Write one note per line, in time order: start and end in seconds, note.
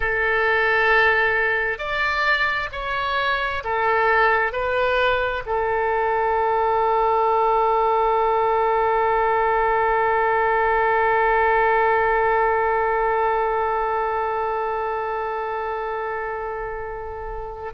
0.00 1.78 A4
1.78 2.69 D5
2.72 3.63 C#5
3.64 4.52 A4
4.52 5.43 B4
5.45 17.73 A4